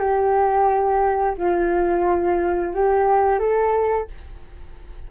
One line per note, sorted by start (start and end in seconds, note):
0.00 1.36 G4
1.38 2.74 F4
2.74 3.40 G4
3.40 4.08 A4